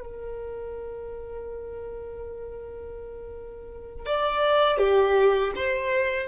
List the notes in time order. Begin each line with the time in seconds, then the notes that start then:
0.00 A#4
4.06 D5
4.78 G4
5.55 C5